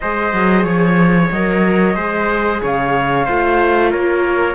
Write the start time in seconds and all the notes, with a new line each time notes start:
0.00 G#3 G#4 C5 D#5
0.33 F#3
0.63 F3 C#5
1.31 F#3 A#4 D#5
1.95 G#3 G#4 C5
2.62 C#3 C#5 F5
3.24 A3 F4 C5
3.90 A#3 A#4 C#5